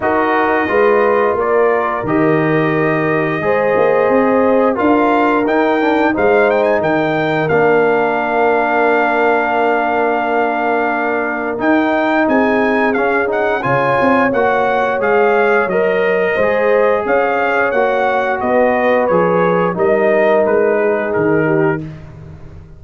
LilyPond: <<
  \new Staff \with { instrumentName = "trumpet" } { \time 4/4 \tempo 4 = 88 dis''2 d''4 dis''4~ | dis''2. f''4 | g''4 f''8 g''16 gis''16 g''4 f''4~ | f''1~ |
f''4 g''4 gis''4 f''8 fis''8 | gis''4 fis''4 f''4 dis''4~ | dis''4 f''4 fis''4 dis''4 | cis''4 dis''4 b'4 ais'4 | }
  \new Staff \with { instrumentName = "horn" } { \time 4/4 ais'4 b'4 ais'2~ | ais'4 c''2 ais'4~ | ais'4 c''4 ais'2~ | ais'1~ |
ais'2 gis'2 | cis''1 | c''4 cis''2 b'4~ | b'4 ais'4. gis'4 g'8 | }
  \new Staff \with { instrumentName = "trombone" } { \time 4/4 fis'4 f'2 g'4~ | g'4 gis'2 f'4 | dis'8 d'8 dis'2 d'4~ | d'1~ |
d'4 dis'2 cis'8 dis'8 | f'4 fis'4 gis'4 ais'4 | gis'2 fis'2 | gis'4 dis'2. | }
  \new Staff \with { instrumentName = "tuba" } { \time 4/4 dis'4 gis4 ais4 dis4~ | dis4 gis8 ais8 c'4 d'4 | dis'4 gis4 dis4 ais4~ | ais1~ |
ais4 dis'4 c'4 cis'4 | cis8 c'8 ais4 gis4 fis4 | gis4 cis'4 ais4 b4 | f4 g4 gis4 dis4 | }
>>